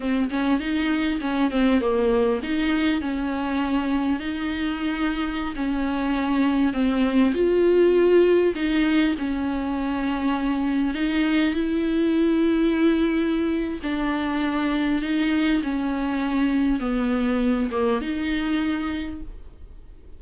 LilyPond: \new Staff \with { instrumentName = "viola" } { \time 4/4 \tempo 4 = 100 c'8 cis'8 dis'4 cis'8 c'8 ais4 | dis'4 cis'2 dis'4~ | dis'4~ dis'16 cis'2 c'8.~ | c'16 f'2 dis'4 cis'8.~ |
cis'2~ cis'16 dis'4 e'8.~ | e'2. d'4~ | d'4 dis'4 cis'2 | b4. ais8 dis'2 | }